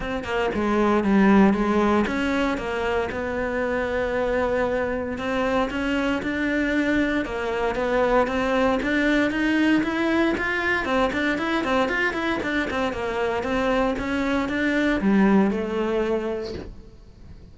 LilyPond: \new Staff \with { instrumentName = "cello" } { \time 4/4 \tempo 4 = 116 c'8 ais8 gis4 g4 gis4 | cis'4 ais4 b2~ | b2 c'4 cis'4 | d'2 ais4 b4 |
c'4 d'4 dis'4 e'4 | f'4 c'8 d'8 e'8 c'8 f'8 e'8 | d'8 c'8 ais4 c'4 cis'4 | d'4 g4 a2 | }